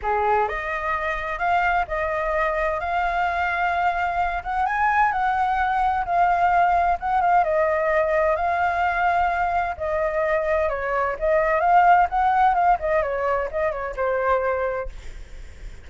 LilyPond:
\new Staff \with { instrumentName = "flute" } { \time 4/4 \tempo 4 = 129 gis'4 dis''2 f''4 | dis''2 f''2~ | f''4. fis''8 gis''4 fis''4~ | fis''4 f''2 fis''8 f''8 |
dis''2 f''2~ | f''4 dis''2 cis''4 | dis''4 f''4 fis''4 f''8 dis''8 | cis''4 dis''8 cis''8 c''2 | }